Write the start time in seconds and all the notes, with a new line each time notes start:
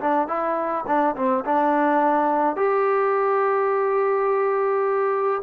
0.00 D4
0.27 E4
0.86 D4
1.16 C4
1.45 D4
2.56 G4